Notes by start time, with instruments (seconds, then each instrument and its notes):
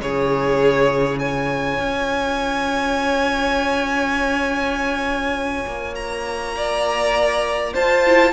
0.00 cello C#3, viola F4, violin G#4 C#5
1.19 violin C#5 G#5
1.79 cello C#4
5.66 cello A#3
5.95 violin A#5
6.56 violin D5
7.74 cello F4, violin C5 A5
8.06 viola E4